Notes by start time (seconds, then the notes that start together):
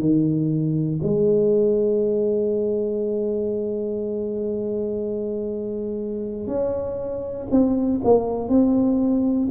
0.00 D#3
1.02 G#3
6.47 C#4
7.50 C4
8.04 A#3
8.49 C4